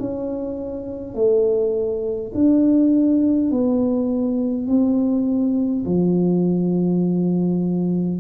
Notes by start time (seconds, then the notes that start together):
0.00 C#4
1.14 A3
2.34 D4
3.51 B3
4.67 C4
5.86 F3